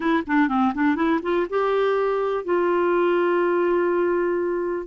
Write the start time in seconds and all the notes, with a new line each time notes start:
0.00 E4
0.26 D4
0.48 C4
0.74 D4
0.95 E4
1.22 F4
1.49 G4
2.44 F4